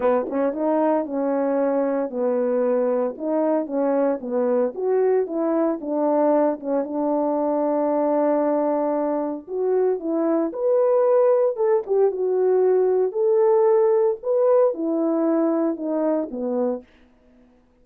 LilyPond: \new Staff \with { instrumentName = "horn" } { \time 4/4 \tempo 4 = 114 b8 cis'8 dis'4 cis'2 | b2 dis'4 cis'4 | b4 fis'4 e'4 d'4~ | d'8 cis'8 d'2.~ |
d'2 fis'4 e'4 | b'2 a'8 g'8 fis'4~ | fis'4 a'2 b'4 | e'2 dis'4 b4 | }